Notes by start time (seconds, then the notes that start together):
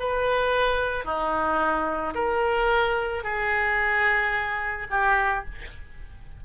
0.00 B4
1.05 D#4
2.15 A#4
3.24 G#4
4.90 G4